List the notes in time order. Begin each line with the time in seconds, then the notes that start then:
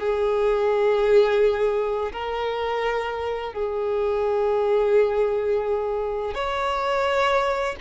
0.00 G#4
2.12 A#4
3.53 G#4
6.34 C#5